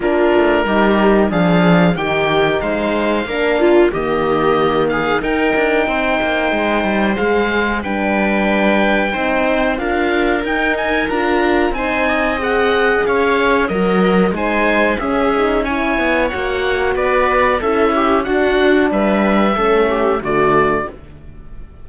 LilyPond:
<<
  \new Staff \with { instrumentName = "oboe" } { \time 4/4 \tempo 4 = 92 ais'2 f''4 g''4 | f''2 dis''4. f''8 | g''2. f''4 | g''2. f''4 |
g''8 gis''8 ais''4 gis''4 fis''4 | f''4 dis''4 gis''4 e''4 | gis''4 fis''4 d''4 e''4 | fis''4 e''2 d''4 | }
  \new Staff \with { instrumentName = "viola" } { \time 4/4 f'4 g'4 gis'4 g'4 | c''4 ais'8 f'8 g'4. gis'8 | ais'4 c''2. | b'2 c''4 ais'4~ |
ais'2 c''8 dis''4. | cis''4 ais'4 c''4 gis'4 | cis''2 b'4 a'8 g'8 | fis'4 b'4 a'8 g'8 fis'4 | }
  \new Staff \with { instrumentName = "horn" } { \time 4/4 d'4 dis'4 d'4 dis'4~ | dis'4 d'4 ais2 | dis'2. gis'4 | d'2 dis'4 f'4 |
dis'4 f'4 dis'4 gis'4~ | gis'4 fis'4 dis'4 cis'8 dis'8 | e'4 fis'2 e'4 | d'2 cis'4 a4 | }
  \new Staff \with { instrumentName = "cello" } { \time 4/4 ais8 a8 g4 f4 dis4 | gis4 ais4 dis2 | dis'8 d'8 c'8 ais8 gis8 g8 gis4 | g2 c'4 d'4 |
dis'4 d'4 c'2 | cis'4 fis4 gis4 cis'4~ | cis'8 b8 ais4 b4 cis'4 | d'4 g4 a4 d4 | }
>>